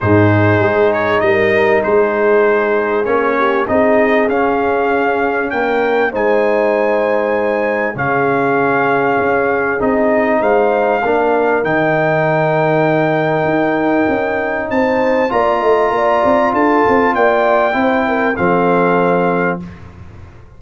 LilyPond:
<<
  \new Staff \with { instrumentName = "trumpet" } { \time 4/4 \tempo 4 = 98 c''4. cis''8 dis''4 c''4~ | c''4 cis''4 dis''4 f''4~ | f''4 g''4 gis''2~ | gis''4 f''2. |
dis''4 f''2 g''4~ | g''1 | a''4 ais''2 a''4 | g''2 f''2 | }
  \new Staff \with { instrumentName = "horn" } { \time 4/4 gis'2 ais'4 gis'4~ | gis'4. g'8 gis'2~ | gis'4 ais'4 c''2~ | c''4 gis'2.~ |
gis'4 c''4 ais'2~ | ais'1 | c''4 d''8 dis''8 d''4 a'4 | d''4 c''8 ais'8 a'2 | }
  \new Staff \with { instrumentName = "trombone" } { \time 4/4 dis'1~ | dis'4 cis'4 dis'4 cis'4~ | cis'2 dis'2~ | dis'4 cis'2. |
dis'2 d'4 dis'4~ | dis'1~ | dis'4 f'2.~ | f'4 e'4 c'2 | }
  \new Staff \with { instrumentName = "tuba" } { \time 4/4 gis,4 gis4 g4 gis4~ | gis4 ais4 c'4 cis'4~ | cis'4 ais4 gis2~ | gis4 cis2 cis'4 |
c'4 gis4 ais4 dis4~ | dis2 dis'4 cis'4 | c'4 ais8 a8 ais8 c'8 d'8 c'8 | ais4 c'4 f2 | }
>>